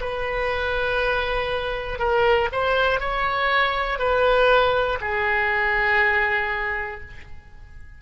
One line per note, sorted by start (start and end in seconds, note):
0.00 1.98 B4
1.98 2.48 A#4
2.52 3.00 C5
3.00 3.98 C#5
3.98 4.98 B4
5.00 7.00 G#4